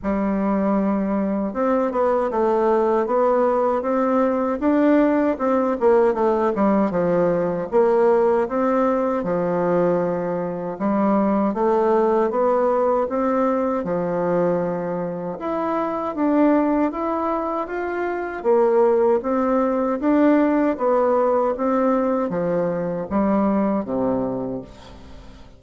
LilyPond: \new Staff \with { instrumentName = "bassoon" } { \time 4/4 \tempo 4 = 78 g2 c'8 b8 a4 | b4 c'4 d'4 c'8 ais8 | a8 g8 f4 ais4 c'4 | f2 g4 a4 |
b4 c'4 f2 | e'4 d'4 e'4 f'4 | ais4 c'4 d'4 b4 | c'4 f4 g4 c4 | }